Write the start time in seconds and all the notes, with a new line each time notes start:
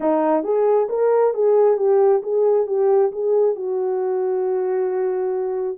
0.00 D#4
0.43 G#4
0.89 A#4
1.34 G#4
1.77 G4
2.22 G#4
2.67 G4
3.12 G#4
3.55 F#4